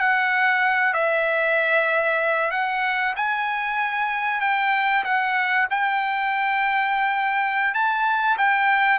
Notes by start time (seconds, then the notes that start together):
0.00 F#5
0.94 E5
2.51 F#5
3.17 G#5
4.41 G5
5.05 F#5
5.71 G5
7.75 A5
8.39 G5